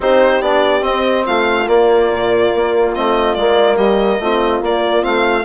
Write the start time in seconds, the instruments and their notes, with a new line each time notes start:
0.00 bassoon C4, trombone D#4, horn G4, violin C5
0.40 bassoon B3, trombone D4, violin D5
0.81 trombone C4, bassoon C4, violin D#5
1.26 bassoon A3, horn F4, violin F5
1.65 trombone A#3, bassoon A#3, violin D5
2.10 bassoon A#2
2.54 bassoon A#3
2.94 bassoon A3, trombone C4, violin D#5
3.34 bassoon G#3, trombone A#3, violin D5
3.76 bassoon G3, horn G4, violin D#5
4.19 bassoon A3, trombone C4, horn F4
4.61 bassoon A#3, trombone A#3, violin D5
5.00 bassoon A3, trombone C4, violin F5